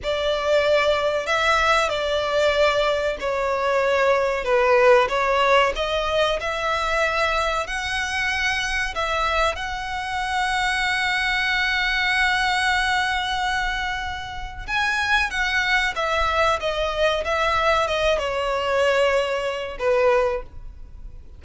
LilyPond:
\new Staff \with { instrumentName = "violin" } { \time 4/4 \tempo 4 = 94 d''2 e''4 d''4~ | d''4 cis''2 b'4 | cis''4 dis''4 e''2 | fis''2 e''4 fis''4~ |
fis''1~ | fis''2. gis''4 | fis''4 e''4 dis''4 e''4 | dis''8 cis''2~ cis''8 b'4 | }